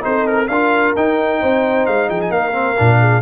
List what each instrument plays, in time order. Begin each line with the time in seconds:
0.00 tuba C4, trombone D#4, horn A4, trumpet C5
0.26 trumpet A#4
0.47 tuba D4, trombone F4, horn A#4, trumpet F5
0.96 tuba D#4, trombone D#4, trumpet G5
1.40 tuba C4, horn C5
1.86 tuba G#3, trumpet F5
2.09 tuba F3, horn G#4, trumpet G5
2.21 trumpet G#5
2.30 tuba A#3, horn A#4, trumpet F5
2.52 trombone C4
2.77 tuba A#2, trombone D4
2.99 horn G#4